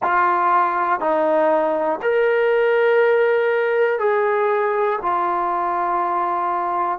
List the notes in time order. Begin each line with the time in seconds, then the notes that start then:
0.02 F4
1.00 D#4
2.02 A#4
3.99 G#4
5.01 F4